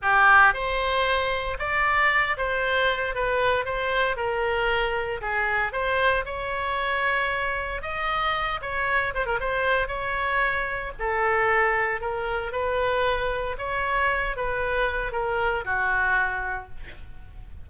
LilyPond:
\new Staff \with { instrumentName = "oboe" } { \time 4/4 \tempo 4 = 115 g'4 c''2 d''4~ | d''8 c''4. b'4 c''4 | ais'2 gis'4 c''4 | cis''2. dis''4~ |
dis''8 cis''4 c''16 ais'16 c''4 cis''4~ | cis''4 a'2 ais'4 | b'2 cis''4. b'8~ | b'4 ais'4 fis'2 | }